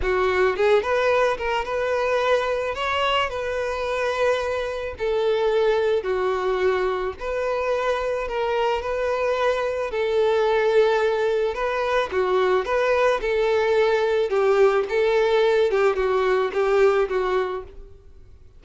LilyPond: \new Staff \with { instrumentName = "violin" } { \time 4/4 \tempo 4 = 109 fis'4 gis'8 b'4 ais'8 b'4~ | b'4 cis''4 b'2~ | b'4 a'2 fis'4~ | fis'4 b'2 ais'4 |
b'2 a'2~ | a'4 b'4 fis'4 b'4 | a'2 g'4 a'4~ | a'8 g'8 fis'4 g'4 fis'4 | }